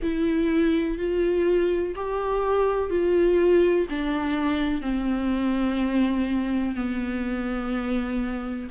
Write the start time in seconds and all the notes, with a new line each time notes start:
0.02 E4
0.98 F4
1.95 G4
2.89 F4
3.89 D4
4.81 C4
6.75 B3